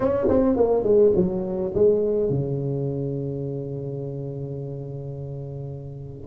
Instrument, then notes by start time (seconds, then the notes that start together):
tuba
0.00 C#4
0.28 C4
0.56 A#3
0.83 G#3
1.15 F#3
1.74 G#3
2.29 C#3